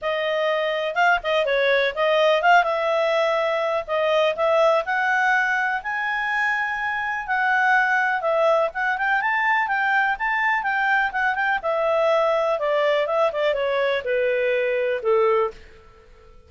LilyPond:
\new Staff \with { instrumentName = "clarinet" } { \time 4/4 \tempo 4 = 124 dis''2 f''8 dis''8 cis''4 | dis''4 f''8 e''2~ e''8 | dis''4 e''4 fis''2 | gis''2. fis''4~ |
fis''4 e''4 fis''8 g''8 a''4 | g''4 a''4 g''4 fis''8 g''8 | e''2 d''4 e''8 d''8 | cis''4 b'2 a'4 | }